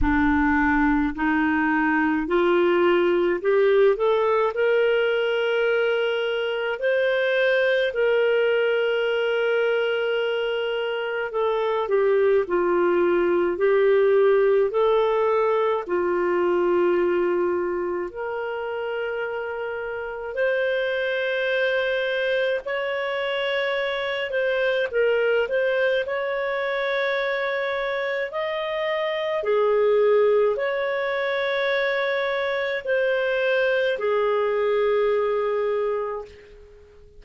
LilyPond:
\new Staff \with { instrumentName = "clarinet" } { \time 4/4 \tempo 4 = 53 d'4 dis'4 f'4 g'8 a'8 | ais'2 c''4 ais'4~ | ais'2 a'8 g'8 f'4 | g'4 a'4 f'2 |
ais'2 c''2 | cis''4. c''8 ais'8 c''8 cis''4~ | cis''4 dis''4 gis'4 cis''4~ | cis''4 c''4 gis'2 | }